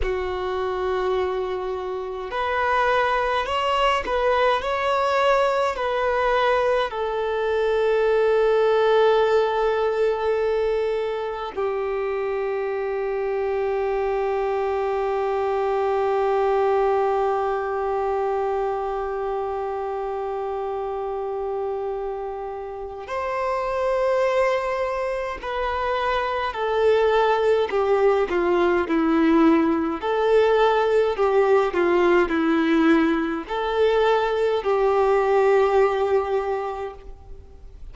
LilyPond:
\new Staff \with { instrumentName = "violin" } { \time 4/4 \tempo 4 = 52 fis'2 b'4 cis''8 b'8 | cis''4 b'4 a'2~ | a'2 g'2~ | g'1~ |
g'1 | c''2 b'4 a'4 | g'8 f'8 e'4 a'4 g'8 f'8 | e'4 a'4 g'2 | }